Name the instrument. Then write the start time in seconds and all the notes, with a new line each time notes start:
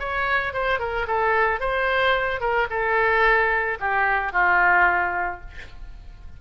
oboe
0.00 C#5
0.54 C5
0.80 A#4
1.08 A4
1.60 C5
2.41 A#4
2.70 A4
3.80 G4
4.33 F4